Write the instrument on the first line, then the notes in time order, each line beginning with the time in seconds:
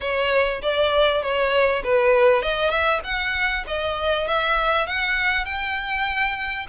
violin
0.01 C#5
0.62 D5
1.22 C#5
1.83 B4
2.42 D#5
2.69 E5
3.03 F#5
3.67 D#5
4.27 E5
4.86 F#5
5.45 G5